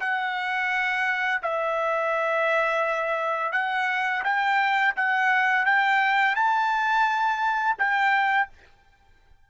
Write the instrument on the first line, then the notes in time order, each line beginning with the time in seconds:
trumpet
0.00 F#5
1.42 E5
3.52 F#5
4.24 G5
4.96 F#5
5.65 G5
6.35 A5
7.78 G5